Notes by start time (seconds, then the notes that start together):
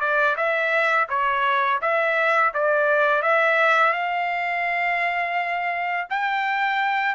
0.00 D5
0.36 E5
1.09 C#5
1.81 E5
2.54 D5
3.22 E5
3.93 F5
6.10 G5